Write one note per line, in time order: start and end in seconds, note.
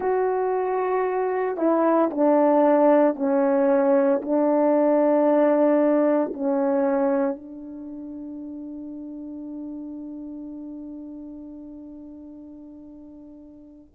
0.00 1.57 F#4
1.57 2.10 E4
2.10 3.15 D4
3.15 4.21 C#4
4.22 6.32 D4
6.33 7.35 C#4
7.35 13.93 D4